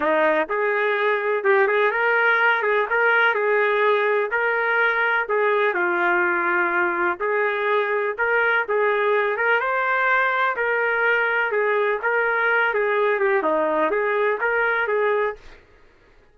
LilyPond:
\new Staff \with { instrumentName = "trumpet" } { \time 4/4 \tempo 4 = 125 dis'4 gis'2 g'8 gis'8 | ais'4. gis'8 ais'4 gis'4~ | gis'4 ais'2 gis'4 | f'2. gis'4~ |
gis'4 ais'4 gis'4. ais'8 | c''2 ais'2 | gis'4 ais'4. gis'4 g'8 | dis'4 gis'4 ais'4 gis'4 | }